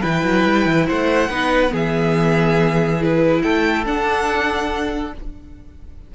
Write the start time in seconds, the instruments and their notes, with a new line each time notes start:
0.00 cello E3, viola E4, violin B4 G5
0.23 cello F#3
0.44 cello G3
0.65 cello E3
0.87 cello A3, violin C5 F#5
1.29 cello B3, viola D#4, violin B4
1.69 cello E3, viola B3, violin G#4
1.76 violin E5
3.00 viola E4, violin B4
3.42 cello A3, violin A4 G5
3.85 viola D4, cello D4, violin F#5